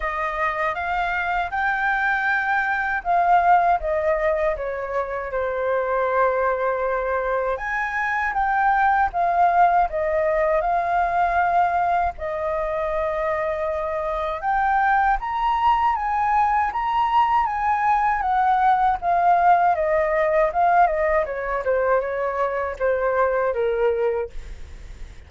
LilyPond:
\new Staff \with { instrumentName = "flute" } { \time 4/4 \tempo 4 = 79 dis''4 f''4 g''2 | f''4 dis''4 cis''4 c''4~ | c''2 gis''4 g''4 | f''4 dis''4 f''2 |
dis''2. g''4 | ais''4 gis''4 ais''4 gis''4 | fis''4 f''4 dis''4 f''8 dis''8 | cis''8 c''8 cis''4 c''4 ais'4 | }